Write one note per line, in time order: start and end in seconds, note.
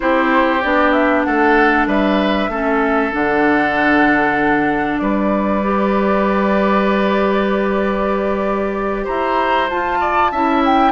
0.00 0.63 C4
0.00 0.60 E4
0.00 1.26 G4
0.00 0.62 C5
0.62 1.26 B3
0.62 2.51 D4
0.62 0.91 D5
0.91 1.22 E5
1.23 1.86 A3
1.23 1.87 A4
1.23 1.86 F#5
1.86 2.48 G3
1.86 2.50 B4
1.86 3.13 E5
2.48 3.10 A3
2.48 3.11 C#4
2.48 5.00 A4
3.11 5.00 D3
3.11 5.61 D4
3.11 4.98 F#5
4.98 9.06 G3
4.98 9.04 B4
4.98 9.04 D5
5.62 9.69 G4
9.04 9.69 E4
9.04 9.97 C5
9.04 9.69 A#5
9.69 10.32 F4
9.69 10.33 F4
9.69 10.63 A5
10.00 10.31 D5
10.31 10.92 C#4
10.31 10.92 E4
10.31 10.92 E5
10.65 10.92 G5